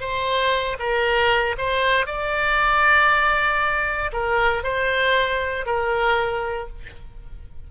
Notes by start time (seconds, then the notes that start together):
0.00 C5
0.79 A#4
1.58 C5
2.06 D5
4.12 A#4
4.63 C5
5.65 A#4